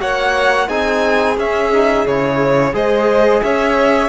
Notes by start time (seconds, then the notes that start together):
0.00 A#3 F#4 C#5 F#5
0.68 C4 D#4 G#4 G#5
1.37 C#4 E5
1.73 D#4
2.06 C#3 E4 C#5
2.73 G#3 G#4 C5 D#5
3.43 C#4 C#5 E5